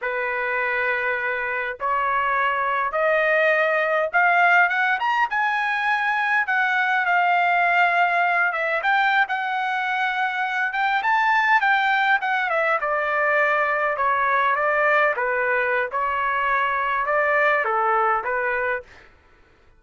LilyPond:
\new Staff \with { instrumentName = "trumpet" } { \time 4/4 \tempo 4 = 102 b'2. cis''4~ | cis''4 dis''2 f''4 | fis''8 ais''8 gis''2 fis''4 | f''2~ f''8 e''8 g''8. fis''16~ |
fis''2~ fis''16 g''8 a''4 g''16~ | g''8. fis''8 e''8 d''2 cis''16~ | cis''8. d''4 b'4~ b'16 cis''4~ | cis''4 d''4 a'4 b'4 | }